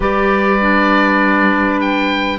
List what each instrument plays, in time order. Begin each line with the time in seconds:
0.00 cello G3, clarinet G4, saxophone B4, oboe D5
0.60 clarinet D4
1.80 oboe G5